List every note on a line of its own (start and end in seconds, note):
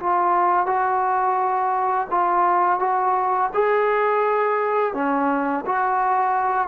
0.00 0.66 F4
0.66 2.07 F#4
2.10 2.79 F4
2.79 3.50 F#4
3.54 4.94 G#4
4.94 5.64 C#4
5.66 6.68 F#4